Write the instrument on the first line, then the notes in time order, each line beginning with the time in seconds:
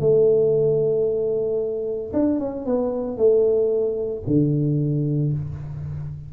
tuba
0.00 A3
2.13 D4
2.39 C#4
2.66 B3
3.17 A3
4.27 D3